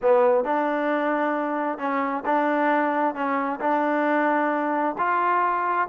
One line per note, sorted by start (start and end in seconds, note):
0.02 0.44 B3
0.44 1.78 D4
1.78 2.23 C#4
2.25 3.14 D4
3.14 3.59 C#4
3.60 4.95 D4
4.97 5.88 F4